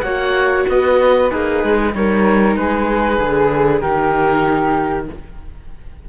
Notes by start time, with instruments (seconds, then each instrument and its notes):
0.00 cello A#3, viola F#4, flute C#5, oboe F#5
0.68 cello B3, flute B4, oboe D#5
1.30 cello A#3, flute D#4, viola G#4, oboe B4
1.63 cello G#3
1.94 cello G3, viola D#4, flute A#4, oboe C#5
2.55 cello G#3, flute G#4, oboe B4
3.18 cello D3, viola G#4
3.80 cello D#3, viola D#4, flute G4, oboe A#4